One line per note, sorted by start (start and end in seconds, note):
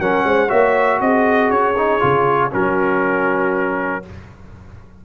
0.00 0.24 F#3
0.00 0.48 C#4
0.00 0.26 A#4
0.00 0.50 F#5
0.24 0.50 G#3
0.24 0.49 C5
0.48 1.01 A#3
0.48 1.74 F#4
0.48 1.00 C#5
0.48 1.00 E5
1.01 1.50 C4
1.01 2.51 G#4
1.01 1.51 D#5
1.50 2.01 C#4
1.50 2.52 C#5
1.77 2.00 D#4
2.00 2.54 C#3
2.00 2.51 F4
2.51 4.06 F#3
2.51 4.03 C#4
2.51 4.03 F#4
2.51 4.05 A#4